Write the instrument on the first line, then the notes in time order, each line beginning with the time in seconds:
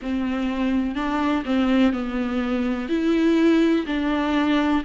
viola
0.01 C4
0.95 D4
1.45 C4
1.93 B3
2.88 E4
3.86 D4